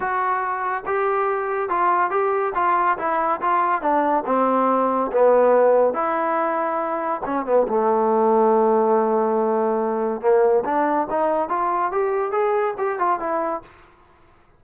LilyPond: \new Staff \with { instrumentName = "trombone" } { \time 4/4 \tempo 4 = 141 fis'2 g'2 | f'4 g'4 f'4 e'4 | f'4 d'4 c'2 | b2 e'2~ |
e'4 cis'8 b8 a2~ | a1 | ais4 d'4 dis'4 f'4 | g'4 gis'4 g'8 f'8 e'4 | }